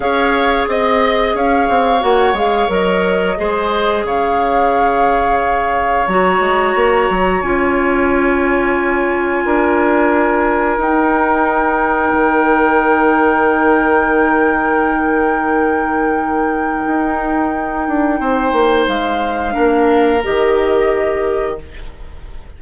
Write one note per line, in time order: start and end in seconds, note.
0.00 0.65 C#4
0.00 1.99 G#4
0.00 0.69 C#5
0.00 0.67 F5
0.67 1.34 C4
0.67 1.36 D#5
0.67 1.35 D#5
1.34 1.68 C#4
1.34 3.38 C#5
1.34 2.02 F5
1.68 2.02 C4
2.00 2.33 A#3
2.00 2.33 F#4
2.00 2.36 F#5
2.33 2.66 G#3
2.33 2.68 G#4
2.33 2.71 F5
2.68 3.36 F#3
2.68 3.35 A#4
2.68 4.05 D#5
3.36 4.03 G#3
3.36 6.06 G#4
3.36 4.05 C5
4.03 6.05 C#3
4.03 9.45 C#5
4.03 6.07 F5
6.07 6.40 F#3
6.07 7.42 F#4
6.07 7.41 A#5
6.40 6.73 G#3
6.75 7.08 A#3
7.09 7.42 F#3
7.41 9.44 C#4
7.41 10.79 F4
7.41 10.78 G#5
9.44 10.77 D4
9.44 18.20 A#4
10.77 12.12 D#4
10.77 19.51 D#4
10.77 18.88 G5
12.12 16.84 D#3
16.86 17.87 D#4
17.88 18.19 D4
18.19 18.52 C4
18.19 19.54 C5
18.52 18.86 A#3
18.87 19.55 G#3
18.87 20.23 F5
19.51 20.24 A#3
19.51 20.19 D4
19.51 21.56 A#4
20.23 21.61 D#3
20.23 21.58 G4
20.23 21.58 D#5